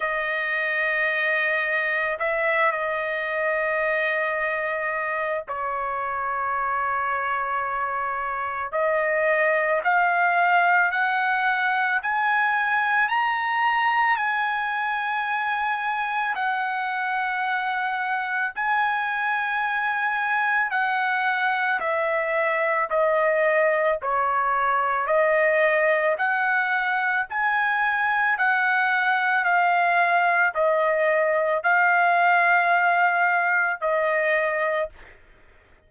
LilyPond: \new Staff \with { instrumentName = "trumpet" } { \time 4/4 \tempo 4 = 55 dis''2 e''8 dis''4.~ | dis''4 cis''2. | dis''4 f''4 fis''4 gis''4 | ais''4 gis''2 fis''4~ |
fis''4 gis''2 fis''4 | e''4 dis''4 cis''4 dis''4 | fis''4 gis''4 fis''4 f''4 | dis''4 f''2 dis''4 | }